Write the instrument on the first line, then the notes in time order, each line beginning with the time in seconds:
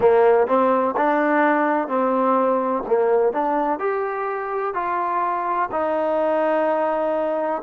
trombone
0.00 A#3
0.47 C4
0.96 D4
1.87 C4
2.86 A#3
3.32 D4
3.79 G4
4.74 F4
5.71 D#4